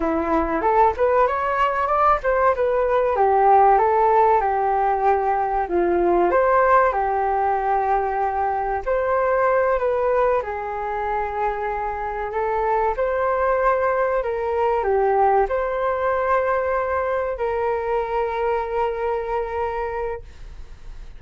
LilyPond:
\new Staff \with { instrumentName = "flute" } { \time 4/4 \tempo 4 = 95 e'4 a'8 b'8 cis''4 d''8 c''8 | b'4 g'4 a'4 g'4~ | g'4 f'4 c''4 g'4~ | g'2 c''4. b'8~ |
b'8 gis'2. a'8~ | a'8 c''2 ais'4 g'8~ | g'8 c''2. ais'8~ | ais'1 | }